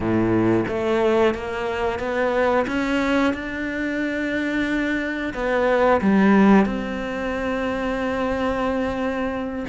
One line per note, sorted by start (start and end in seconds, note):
0.00 0.65 A2
0.68 1.34 A3
1.34 1.99 A#3
1.99 2.65 B3
2.67 3.33 C#4
3.33 5.33 D4
5.34 6.00 B3
6.01 6.65 G3
6.65 9.65 C4